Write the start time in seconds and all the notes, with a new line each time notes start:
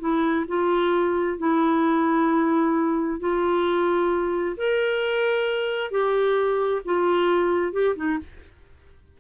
0.00 E4
0.48 F4
1.38 E4
3.20 F4
4.57 A#4
5.91 G4
6.85 F4
7.73 G4
7.96 D#4